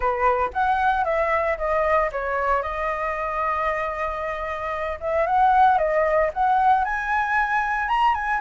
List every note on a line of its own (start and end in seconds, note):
0.00 0.50 B4
0.53 1.04 F#5
1.04 1.57 E5
1.57 2.10 D#5
2.12 2.62 C#5
2.62 4.99 D#5
5.00 5.26 E5
5.26 5.78 F#5
5.78 6.30 D#5
6.33 6.84 F#5
6.84 7.88 G#5
7.88 8.14 A#5
8.14 8.40 G#5